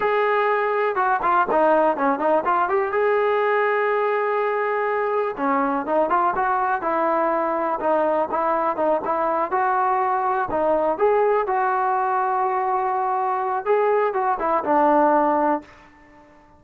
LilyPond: \new Staff \with { instrumentName = "trombone" } { \time 4/4 \tempo 4 = 123 gis'2 fis'8 f'8 dis'4 | cis'8 dis'8 f'8 g'8 gis'2~ | gis'2. cis'4 | dis'8 f'8 fis'4 e'2 |
dis'4 e'4 dis'8 e'4 fis'8~ | fis'4. dis'4 gis'4 fis'8~ | fis'1 | gis'4 fis'8 e'8 d'2 | }